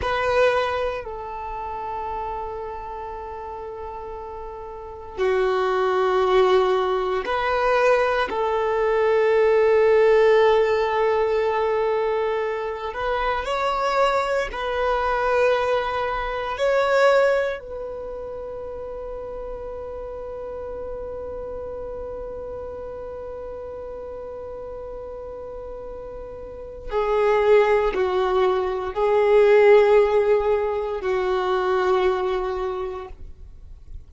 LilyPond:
\new Staff \with { instrumentName = "violin" } { \time 4/4 \tempo 4 = 58 b'4 a'2.~ | a'4 fis'2 b'4 | a'1~ | a'8 b'8 cis''4 b'2 |
cis''4 b'2.~ | b'1~ | b'2 gis'4 fis'4 | gis'2 fis'2 | }